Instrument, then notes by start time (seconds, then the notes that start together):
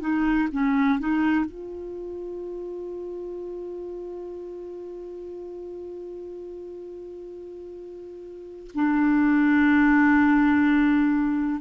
clarinet
0.00 D#4
0.52 C#4
0.99 D#4
1.45 F4
8.74 D4